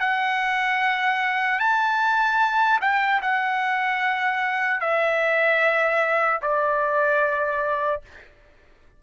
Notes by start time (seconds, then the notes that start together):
0.00 F#5
1.60 A5
2.81 G5
3.22 F#5
4.81 E5
6.42 D5